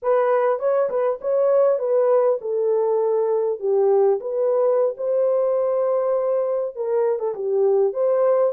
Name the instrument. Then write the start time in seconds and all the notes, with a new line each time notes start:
horn
0.02 B4
0.59 C#5
0.89 B4
1.21 C#5
1.78 B4
2.41 A4
3.59 G4
4.20 B4
4.97 C5
6.75 A#4
7.19 A4
7.34 G4
7.93 C5